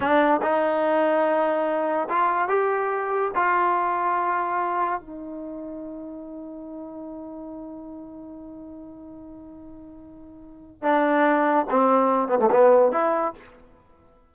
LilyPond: \new Staff \with { instrumentName = "trombone" } { \time 4/4 \tempo 4 = 144 d'4 dis'2.~ | dis'4 f'4 g'2 | f'1 | dis'1~ |
dis'1~ | dis'1~ | dis'2 d'2 | c'4. b16 a16 b4 e'4 | }